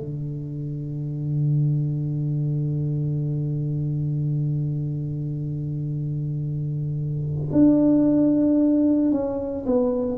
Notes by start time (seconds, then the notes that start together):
0.00 D3
7.52 D4
9.12 C#4
9.66 B3